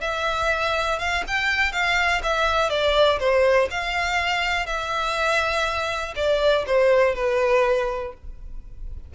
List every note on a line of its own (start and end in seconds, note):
0.00 0.98 E5
0.99 1.23 F5
1.27 1.72 G5
1.72 2.21 F5
2.23 2.69 E5
2.69 3.19 D5
3.19 3.68 C5
3.70 4.66 F5
4.66 6.14 E5
6.16 6.65 D5
6.66 7.14 C5
7.14 8.13 B4